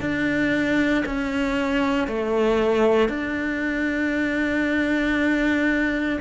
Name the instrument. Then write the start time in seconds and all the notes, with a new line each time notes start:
cello
0.00 D4
1.05 C#4
2.07 A3
3.08 D4